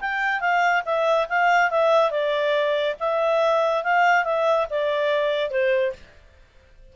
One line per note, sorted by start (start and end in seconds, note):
0.00 0.40 G5
0.40 0.83 F5
0.85 1.27 E5
1.28 1.70 F5
1.70 2.10 E5
2.10 2.95 D5
2.99 3.83 E5
3.83 4.24 F5
4.24 4.67 E5
4.70 5.50 D5
5.50 5.92 C5